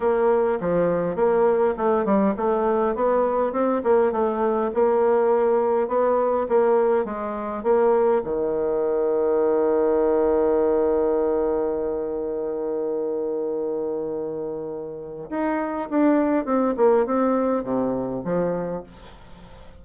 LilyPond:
\new Staff \with { instrumentName = "bassoon" } { \time 4/4 \tempo 4 = 102 ais4 f4 ais4 a8 g8 | a4 b4 c'8 ais8 a4 | ais2 b4 ais4 | gis4 ais4 dis2~ |
dis1~ | dis1~ | dis2 dis'4 d'4 | c'8 ais8 c'4 c4 f4 | }